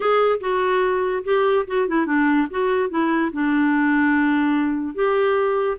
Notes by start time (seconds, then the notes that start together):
0.00 G#4
0.40 F#4
1.24 G4
1.67 F#4
1.88 E4
2.06 D4
2.50 F#4
2.89 E4
3.32 D4
4.94 G4